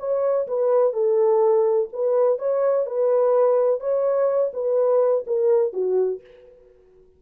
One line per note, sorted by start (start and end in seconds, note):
0.00 0.48 C#5
0.48 0.93 B4
0.93 1.89 A4
1.93 2.39 B4
2.39 2.87 C#5
2.87 3.81 B4
3.81 4.52 C#5
4.54 5.25 B4
5.27 5.74 A#4
5.74 6.21 F#4